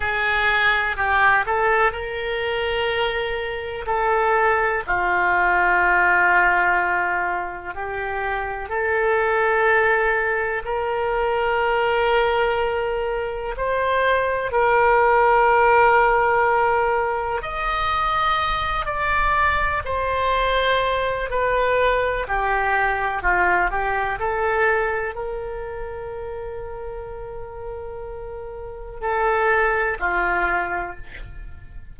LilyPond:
\new Staff \with { instrumentName = "oboe" } { \time 4/4 \tempo 4 = 62 gis'4 g'8 a'8 ais'2 | a'4 f'2. | g'4 a'2 ais'4~ | ais'2 c''4 ais'4~ |
ais'2 dis''4. d''8~ | d''8 c''4. b'4 g'4 | f'8 g'8 a'4 ais'2~ | ais'2 a'4 f'4 | }